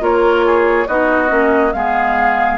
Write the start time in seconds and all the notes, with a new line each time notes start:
0.00 A#3 F4 A#4 C#5
0.46 G#4
0.88 B3 D#4 F#4 D#5
1.28 A#3 C#4
1.73 G#3 B3 G#4 F5